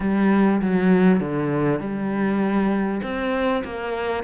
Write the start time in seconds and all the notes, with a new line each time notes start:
0.00 G3
0.61 F#3
1.20 D3
1.80 G3
3.02 C4
3.64 A#3